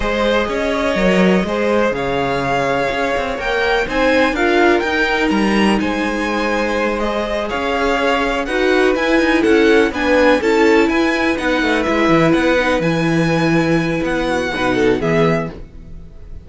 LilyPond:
<<
  \new Staff \with { instrumentName = "violin" } { \time 4/4 \tempo 4 = 124 dis''1 | f''2. g''4 | gis''4 f''4 g''4 ais''4 | gis''2~ gis''8 dis''4 f''8~ |
f''4. fis''4 gis''4 fis''8~ | fis''8 gis''4 a''4 gis''4 fis''8~ | fis''8 e''4 fis''4 gis''4.~ | gis''4 fis''2 e''4 | }
  \new Staff \with { instrumentName = "violin" } { \time 4/4 c''4 cis''2 c''4 | cis''1 | c''4 ais'2. | c''2.~ c''8 cis''8~ |
cis''4. b'2 a'8~ | a'8 b'4 a'4 b'4.~ | b'1~ | b'4. fis'8 b'8 a'8 gis'4 | }
  \new Staff \with { instrumentName = "viola" } { \time 4/4 gis'2 ais'4 gis'4~ | gis'2. ais'4 | dis'4 f'4 dis'2~ | dis'2~ dis'8 gis'4.~ |
gis'4. fis'4 e'4.~ | e'8 d'4 e'2 dis'8~ | dis'8 e'4. dis'8 e'4.~ | e'2 dis'4 b4 | }
  \new Staff \with { instrumentName = "cello" } { \time 4/4 gis4 cis'4 fis4 gis4 | cis2 cis'8 c'8 ais4 | c'4 d'4 dis'4 g4 | gis2.~ gis8 cis'8~ |
cis'4. dis'4 e'8 dis'8 cis'8~ | cis'8 b4 cis'4 e'4 b8 | a8 gis8 e8 b4 e4.~ | e4 b4 b,4 e4 | }
>>